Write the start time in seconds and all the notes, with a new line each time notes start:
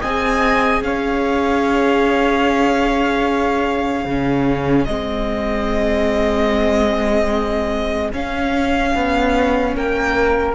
0.00 C4 G#4 D#5 G#5
0.82 C#4 C#5 F5
4.05 C#3 C#4 G#4
4.85 G#3 C4 D#5
8.12 C#4 F5
8.95 B3
9.76 A#3 A#4 G5